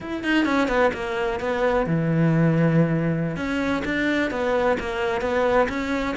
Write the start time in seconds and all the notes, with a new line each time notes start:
0.01 E4
0.23 D#4
0.45 C#4
0.68 B3
0.93 A#3
1.40 B3
1.86 E3
3.36 C#4
3.85 D4
4.30 B3
4.79 A#3
5.21 B3
5.68 C#4